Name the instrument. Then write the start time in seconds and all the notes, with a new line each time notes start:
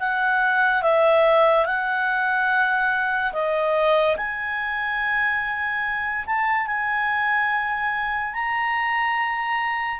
clarinet
0.00 F#5
0.83 E5
1.66 F#5
3.33 D#5
4.17 G#5
6.27 A5
6.67 G#5
8.34 A#5